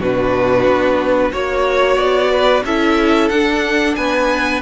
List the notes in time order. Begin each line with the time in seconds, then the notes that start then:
0.00 B2 D4 F#4 B4
0.66 B3
1.32 A#3 F#4 C#5
1.97 B3 D5
2.31 B4
2.64 C#4 E4 A4 E5
3.29 D4 F#5
3.95 B3 B4 G#5